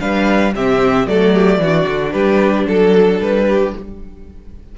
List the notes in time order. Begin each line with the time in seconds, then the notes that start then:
0.00 G3 D4 B4 F5
0.55 C3 C4 G4 E5
1.06 F#3 A3 A4 D5
1.35 G4
1.59 E3 F#4
1.66 D4
1.88 D3
2.13 G3 G4 B4
2.67 F#3 A4
3.20 G3 B4
3.49 G4